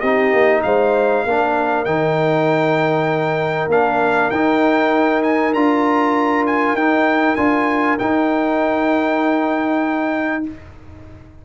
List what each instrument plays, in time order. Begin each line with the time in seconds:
0.00 tuba C4, trombone D#4, horn G4, trumpet D#5
0.32 tuba A#3
0.62 tuba G#3, horn C5, trumpet F5
1.24 tuba A#3, trombone D4, horn A#4
1.84 tuba D#3, trombone D#4, trumpet G5
3.67 tuba A#3, trombone D4, trumpet F5
4.30 tuba D#4, trombone D#4, trumpet G5
5.22 trumpet G#5
5.53 tuba D4, trombone F4, trumpet A#5
6.46 trumpet G#5
6.73 tuba D#4, trombone D#4, trumpet G5
7.35 tuba D4, trombone F4, trumpet G#5
7.98 trombone D#4, tuba D#4, trumpet G5